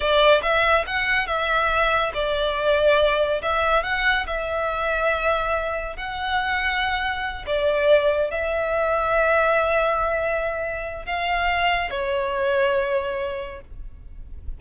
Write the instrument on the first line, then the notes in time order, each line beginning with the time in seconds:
violin
0.00 D5
0.42 E5
0.86 F#5
1.26 E5
2.14 D5
3.42 E5
3.83 F#5
4.26 E5
5.96 F#5
7.46 D5
8.30 E5
11.05 F5
11.90 C#5